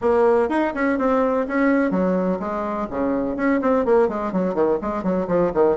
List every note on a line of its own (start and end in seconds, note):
0.01 0.49 A#3
0.49 0.73 D#4
0.74 0.98 C#4
0.98 1.46 C4
1.47 1.90 C#4
1.90 2.38 F#3
2.39 2.87 G#3
2.90 3.36 C#3
3.36 3.60 C#4
3.61 3.85 C4
3.85 4.08 A#3
4.08 4.32 G#3
4.32 4.54 F#3
4.54 4.78 D#3
4.81 5.03 G#3
5.03 5.27 F#3
5.27 5.51 F3
5.54 5.76 D#3